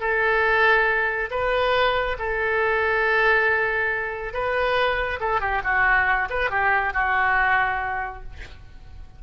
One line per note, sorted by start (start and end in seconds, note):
0.00 1.29 A4
1.30 2.17 B4
2.18 4.33 A4
4.33 5.19 B4
5.20 5.40 A4
5.40 5.62 G4
5.64 6.28 F#4
6.29 6.50 B4
6.50 6.93 G4
6.93 8.22 F#4